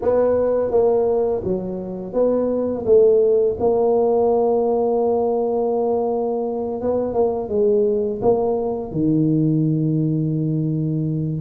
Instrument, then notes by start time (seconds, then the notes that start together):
tuba
0.01 B3
0.70 A#3
1.44 F#3
2.13 B3
2.85 A3
3.59 A#3
6.81 B3
7.13 A#3
7.48 G#3
8.21 A#3
8.91 D#3